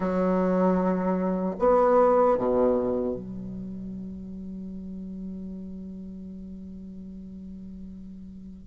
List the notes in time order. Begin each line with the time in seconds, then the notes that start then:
0.00 F#3
1.59 B3
2.37 B2
3.15 F#3